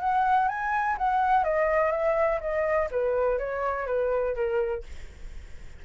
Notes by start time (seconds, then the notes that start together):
0.00 F#5
0.48 G#5
0.98 F#5
1.44 D#5
1.92 E5
2.41 D#5
2.91 B4
3.39 C#5
3.87 B4
4.35 A#4